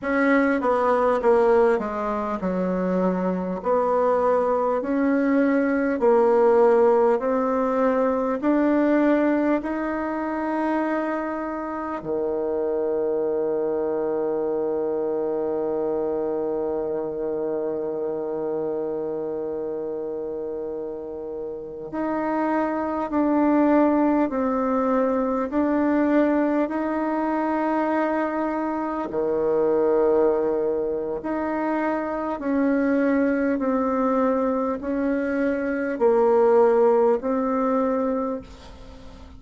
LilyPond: \new Staff \with { instrumentName = "bassoon" } { \time 4/4 \tempo 4 = 50 cis'8 b8 ais8 gis8 fis4 b4 | cis'4 ais4 c'4 d'4 | dis'2 dis2~ | dis1~ |
dis2~ dis16 dis'4 d'8.~ | d'16 c'4 d'4 dis'4.~ dis'16~ | dis'16 dis4.~ dis16 dis'4 cis'4 | c'4 cis'4 ais4 c'4 | }